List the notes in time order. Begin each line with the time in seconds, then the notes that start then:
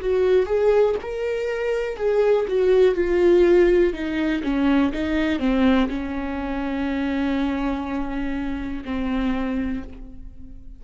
0.00 F#4
0.46 G#4
1.01 A#4
1.96 G#4
2.48 F#4
2.95 F4
3.93 D#4
4.43 C#4
4.92 D#4
5.39 C4
5.88 C#4
8.85 C4